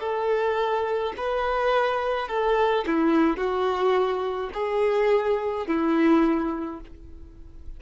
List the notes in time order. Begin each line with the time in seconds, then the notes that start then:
0.00 A4
1.17 B4
2.28 A4
2.87 E4
3.38 F#4
4.54 G#4
5.67 E4